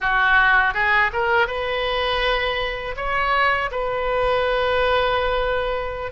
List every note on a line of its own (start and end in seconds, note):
0.00 0.74 F#4
0.74 1.11 G#4
1.12 1.47 A#4
1.47 2.95 B4
2.96 3.70 C#5
3.71 6.11 B4